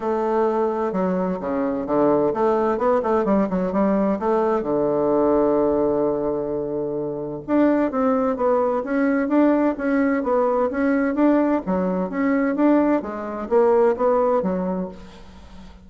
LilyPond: \new Staff \with { instrumentName = "bassoon" } { \time 4/4 \tempo 4 = 129 a2 fis4 cis4 | d4 a4 b8 a8 g8 fis8 | g4 a4 d2~ | d1 |
d'4 c'4 b4 cis'4 | d'4 cis'4 b4 cis'4 | d'4 fis4 cis'4 d'4 | gis4 ais4 b4 fis4 | }